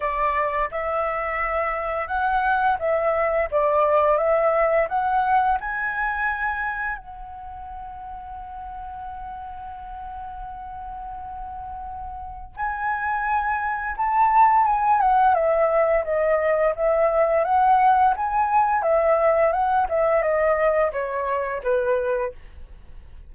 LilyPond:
\new Staff \with { instrumentName = "flute" } { \time 4/4 \tempo 4 = 86 d''4 e''2 fis''4 | e''4 d''4 e''4 fis''4 | gis''2 fis''2~ | fis''1~ |
fis''2 gis''2 | a''4 gis''8 fis''8 e''4 dis''4 | e''4 fis''4 gis''4 e''4 | fis''8 e''8 dis''4 cis''4 b'4 | }